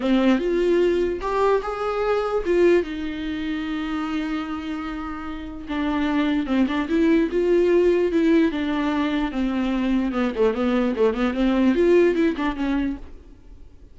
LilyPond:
\new Staff \with { instrumentName = "viola" } { \time 4/4 \tempo 4 = 148 c'4 f'2 g'4 | gis'2 f'4 dis'4~ | dis'1~ | dis'2 d'2 |
c'8 d'8 e'4 f'2 | e'4 d'2 c'4~ | c'4 b8 a8 b4 a8 b8 | c'4 f'4 e'8 d'8 cis'4 | }